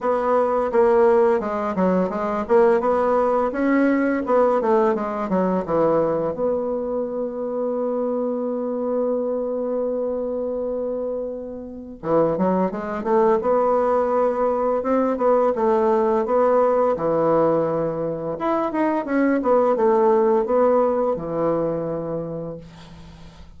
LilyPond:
\new Staff \with { instrumentName = "bassoon" } { \time 4/4 \tempo 4 = 85 b4 ais4 gis8 fis8 gis8 ais8 | b4 cis'4 b8 a8 gis8 fis8 | e4 b2.~ | b1~ |
b4 e8 fis8 gis8 a8 b4~ | b4 c'8 b8 a4 b4 | e2 e'8 dis'8 cis'8 b8 | a4 b4 e2 | }